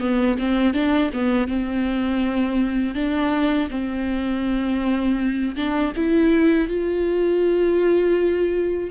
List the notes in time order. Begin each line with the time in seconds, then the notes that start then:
0.00 B3
0.38 C4
0.73 D4
1.13 B3
1.47 C4
2.95 D4
3.70 C4
5.56 D4
5.96 E4
6.68 F4